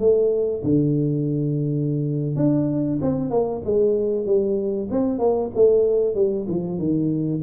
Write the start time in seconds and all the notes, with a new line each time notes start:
0.00 A3
0.64 D3
2.36 D4
3.02 C4
3.30 A#3
3.65 G#3
4.26 G3
4.91 C4
5.19 A#3
5.55 A3
6.15 G3
6.49 F3
6.79 D#3